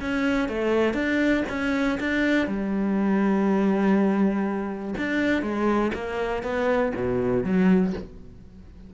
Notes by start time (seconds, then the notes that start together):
0.00 C#4
0.48 A3
0.93 D4
1.49 C#4
1.99 D4
2.46 G3
4.97 D4
5.42 G#3
5.94 A#3
6.43 B3
6.95 B2
7.44 F#3